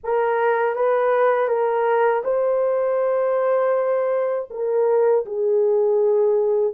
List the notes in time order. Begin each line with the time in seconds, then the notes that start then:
0.03 A#4
0.75 B4
1.48 A#4
2.23 C5
4.50 A#4
5.25 G#4